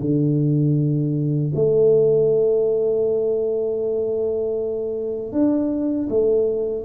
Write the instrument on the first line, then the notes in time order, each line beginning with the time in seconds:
tuba
0.00 D3
1.55 A3
5.32 D4
6.09 A3